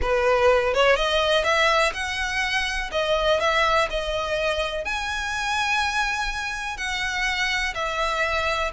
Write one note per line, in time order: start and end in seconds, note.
0.01 0.74 B4
0.74 0.96 C#5
0.96 1.44 D#5
1.44 1.92 E5
1.93 2.90 F#5
2.91 3.39 D#5
3.40 3.88 E5
3.90 4.84 D#5
4.84 6.77 G#5
6.77 7.74 F#5
7.74 8.71 E5